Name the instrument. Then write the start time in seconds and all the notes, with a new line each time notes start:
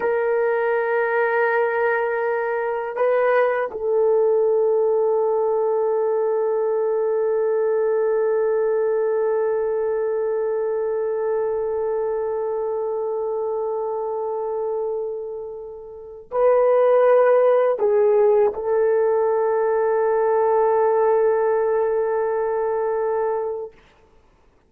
horn
0.00 A#4
2.96 B4
3.71 A4
16.31 B4
17.78 G#4
18.53 A4